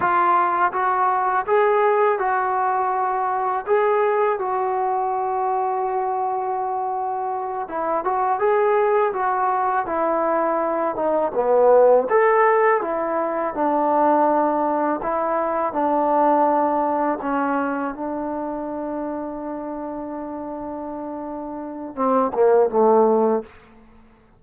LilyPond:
\new Staff \with { instrumentName = "trombone" } { \time 4/4 \tempo 4 = 82 f'4 fis'4 gis'4 fis'4~ | fis'4 gis'4 fis'2~ | fis'2~ fis'8 e'8 fis'8 gis'8~ | gis'8 fis'4 e'4. dis'8 b8~ |
b8 a'4 e'4 d'4.~ | d'8 e'4 d'2 cis'8~ | cis'8 d'2.~ d'8~ | d'2 c'8 ais8 a4 | }